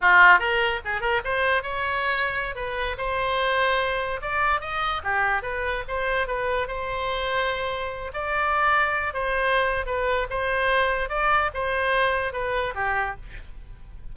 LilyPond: \new Staff \with { instrumentName = "oboe" } { \time 4/4 \tempo 4 = 146 f'4 ais'4 gis'8 ais'8 c''4 | cis''2~ cis''16 b'4 c''8.~ | c''2~ c''16 d''4 dis''8.~ | dis''16 g'4 b'4 c''4 b'8.~ |
b'16 c''2.~ c''8 d''16~ | d''2~ d''16 c''4.~ c''16 | b'4 c''2 d''4 | c''2 b'4 g'4 | }